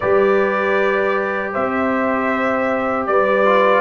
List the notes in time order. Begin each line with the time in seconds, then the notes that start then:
0.00 G3 G4 B4 D5
1.53 C4 C5 E5
3.07 G3 B4 D5
3.45 F4